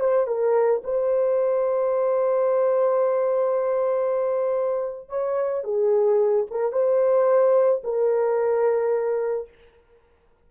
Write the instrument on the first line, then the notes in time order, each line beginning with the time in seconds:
horn
0.00 C5
0.27 A#4
0.84 C5
5.09 C#5
5.64 G#4
6.51 A#4
6.72 C5
7.84 A#4